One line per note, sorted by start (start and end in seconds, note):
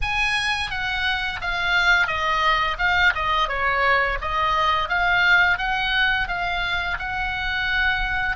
0.01 0.70 G#5
0.70 1.40 F#5
1.41 2.07 F5
2.07 2.77 D#5
2.78 3.13 F5
3.14 3.48 D#5
3.48 4.18 C#5
4.21 4.88 D#5
4.88 5.58 F5
5.58 6.28 F#5
6.28 6.98 F5
6.99 8.36 F#5